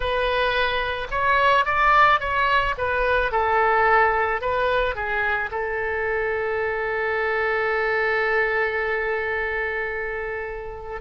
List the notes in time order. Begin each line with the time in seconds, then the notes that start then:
0.00 B4
1.10 C#5
1.65 D5
2.19 C#5
2.77 B4
3.31 A4
4.41 B4
4.95 G#4
5.51 A4